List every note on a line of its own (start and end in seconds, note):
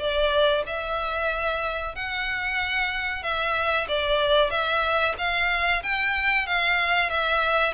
0.00 0.65 D5
0.67 1.95 E5
1.95 3.23 F#5
3.23 3.87 E5
3.88 4.50 D5
4.50 5.15 E5
5.18 5.83 F5
5.83 6.47 G5
6.47 7.10 F5
7.10 7.74 E5